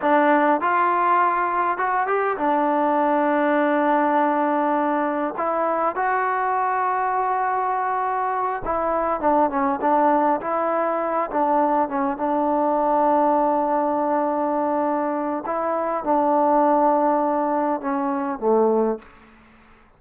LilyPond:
\new Staff \with { instrumentName = "trombone" } { \time 4/4 \tempo 4 = 101 d'4 f'2 fis'8 g'8 | d'1~ | d'4 e'4 fis'2~ | fis'2~ fis'8 e'4 d'8 |
cis'8 d'4 e'4. d'4 | cis'8 d'2.~ d'8~ | d'2 e'4 d'4~ | d'2 cis'4 a4 | }